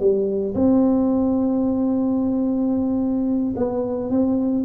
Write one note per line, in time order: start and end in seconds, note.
0.00 0.55 G3
0.55 3.55 C4
3.57 4.10 B3
4.10 4.65 C4